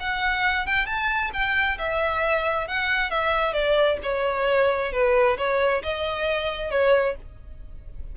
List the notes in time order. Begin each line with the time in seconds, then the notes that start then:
0.00 F#5
0.67 G5
0.86 A5
1.34 G5
1.79 E5
2.68 F#5
3.11 E5
3.53 D5
4.03 C#5
4.93 B4
5.38 C#5
5.83 D#5
6.71 C#5